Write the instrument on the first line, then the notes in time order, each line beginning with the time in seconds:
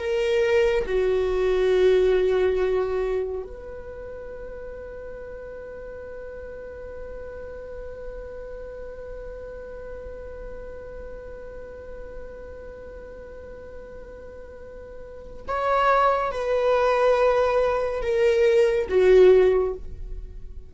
viola
0.00 A#4
0.87 F#4
3.44 B4
15.48 C#5
16.32 B4
18.02 A#4
18.89 F#4